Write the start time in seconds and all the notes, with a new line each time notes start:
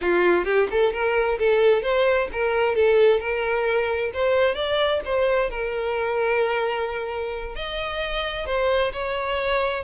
0.01 F4
0.45 G4
0.70 A4
0.92 A#4
1.38 A4
1.82 C5
2.32 A#4
2.75 A4
3.20 A#4
4.13 C5
4.54 D5
5.05 C5
5.50 A#4
7.55 D#5
8.46 C5
8.92 C#5